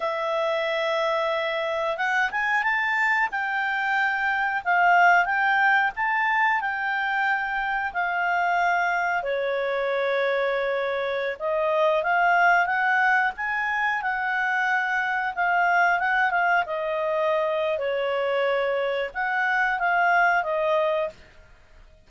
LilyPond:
\new Staff \with { instrumentName = "clarinet" } { \time 4/4 \tempo 4 = 91 e''2. fis''8 gis''8 | a''4 g''2 f''4 | g''4 a''4 g''2 | f''2 cis''2~ |
cis''4~ cis''16 dis''4 f''4 fis''8.~ | fis''16 gis''4 fis''2 f''8.~ | f''16 fis''8 f''8 dis''4.~ dis''16 cis''4~ | cis''4 fis''4 f''4 dis''4 | }